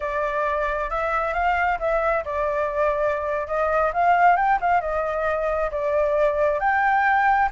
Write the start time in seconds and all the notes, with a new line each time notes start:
0.00 D5
0.90 E5
1.33 F5
1.79 E5
2.24 D5
3.47 D#5
3.93 F5
4.36 G5
4.60 F5
4.80 D#5
5.71 D5
6.59 G5